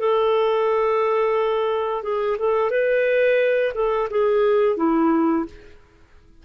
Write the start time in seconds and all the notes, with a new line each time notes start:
0.00 A4
2.03 G#4
2.39 A4
2.71 B4
3.75 A4
4.10 G#4
4.77 E4